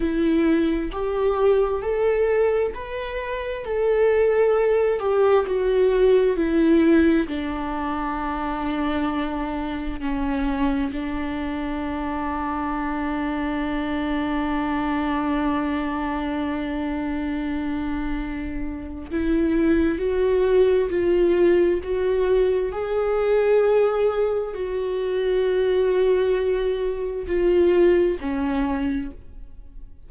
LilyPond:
\new Staff \with { instrumentName = "viola" } { \time 4/4 \tempo 4 = 66 e'4 g'4 a'4 b'4 | a'4. g'8 fis'4 e'4 | d'2. cis'4 | d'1~ |
d'1~ | d'4 e'4 fis'4 f'4 | fis'4 gis'2 fis'4~ | fis'2 f'4 cis'4 | }